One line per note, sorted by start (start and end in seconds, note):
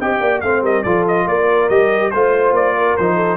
0.00 0.20 C4
0.00 0.43 G4
0.00 0.22 D#5
0.00 0.41 G5
0.20 0.41 A#3
0.20 0.43 D5
0.41 0.62 A3
0.41 0.85 C4
0.41 0.62 C5
0.41 0.62 F5
0.62 0.83 G3
0.62 0.84 A#4
0.62 0.83 D#5
0.83 1.26 F3
0.83 1.70 F4
0.83 1.26 A4
0.83 1.04 D5
1.08 1.27 D#5
1.26 1.69 A#3
1.26 2.13 A#4
1.26 1.69 D5
1.69 2.12 G3
1.69 2.13 G4
1.69 2.11 D#5
2.11 2.52 A3
2.11 2.99 F4
2.11 2.53 C5
2.11 2.77 C5
2.52 2.94 A#3
2.52 2.96 D5
2.77 3.15 A#4
2.96 3.37 F3
2.96 3.37 D#4
2.96 3.37 C5
3.15 3.37 A4